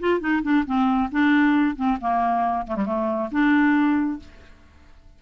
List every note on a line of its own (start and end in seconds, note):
0.00 0.20 F4
0.20 0.42 D#4
0.43 0.65 D4
0.66 1.10 C4
1.11 1.76 D4
1.76 1.98 C4
2.01 2.67 A#3
2.67 2.76 A3
2.76 2.86 G3
2.86 3.30 A3
3.31 4.20 D4